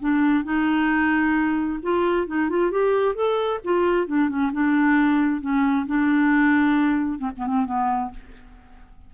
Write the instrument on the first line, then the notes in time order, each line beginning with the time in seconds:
clarinet
0.00 D4
0.44 D#4
1.83 F4
2.27 D#4
2.50 F4
2.71 G4
3.15 A4
3.64 F4
4.07 D4
4.29 C#4
4.53 D4
5.42 C#4
5.87 D4
7.19 C4
7.37 B3
7.47 C4
7.66 B3